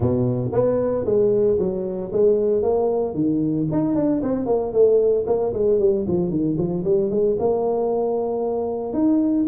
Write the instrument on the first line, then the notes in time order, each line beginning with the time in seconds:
tuba
0.00 B2
0.52 B3
1.05 G#3
1.58 F#3
2.12 G#3
2.62 A#3
3.14 D#3
3.71 D#4
3.95 D4
4.22 C4
4.45 A#3
4.72 A3
5.26 A#3
5.53 G#3
5.79 G3
6.07 F3
6.30 D#3
6.57 F3
6.84 G3
7.10 G#3
7.39 A#3
8.93 D#4